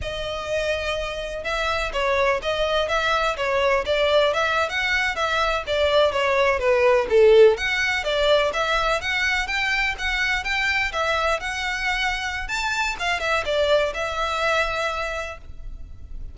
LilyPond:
\new Staff \with { instrumentName = "violin" } { \time 4/4 \tempo 4 = 125 dis''2. e''4 | cis''4 dis''4 e''4 cis''4 | d''4 e''8. fis''4 e''4 d''16~ | d''8. cis''4 b'4 a'4 fis''16~ |
fis''8. d''4 e''4 fis''4 g''16~ | g''8. fis''4 g''4 e''4 fis''16~ | fis''2 a''4 f''8 e''8 | d''4 e''2. | }